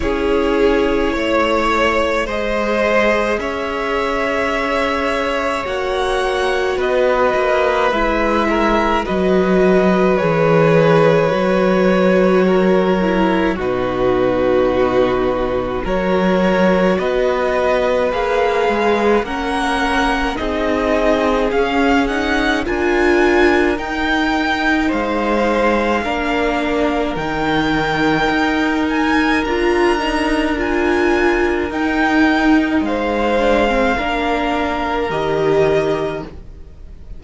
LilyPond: <<
  \new Staff \with { instrumentName = "violin" } { \time 4/4 \tempo 4 = 53 cis''2 dis''4 e''4~ | e''4 fis''4 dis''4 e''4 | dis''4 cis''2. | b'2 cis''4 dis''4 |
f''4 fis''4 dis''4 f''8 fis''8 | gis''4 g''4 f''2 | g''4. gis''8 ais''4 gis''4 | g''4 f''2 dis''4 | }
  \new Staff \with { instrumentName = "violin" } { \time 4/4 gis'4 cis''4 c''4 cis''4~ | cis''2 b'4. ais'8 | b'2. ais'4 | fis'2 ais'4 b'4~ |
b'4 ais'4 gis'2 | ais'2 c''4 ais'4~ | ais'1~ | ais'4 c''4 ais'2 | }
  \new Staff \with { instrumentName = "viola" } { \time 4/4 e'2 gis'2~ | gis'4 fis'2 e'4 | fis'4 gis'4 fis'4. e'8 | dis'2 fis'2 |
gis'4 cis'4 dis'4 cis'8 dis'8 | f'4 dis'2 d'4 | dis'2 f'8 dis'8 f'4 | dis'4. d'16 c'16 d'4 g'4 | }
  \new Staff \with { instrumentName = "cello" } { \time 4/4 cis'4 a4 gis4 cis'4~ | cis'4 ais4 b8 ais8 gis4 | fis4 e4 fis2 | b,2 fis4 b4 |
ais8 gis8 ais4 c'4 cis'4 | d'4 dis'4 gis4 ais4 | dis4 dis'4 d'2 | dis'4 gis4 ais4 dis4 | }
>>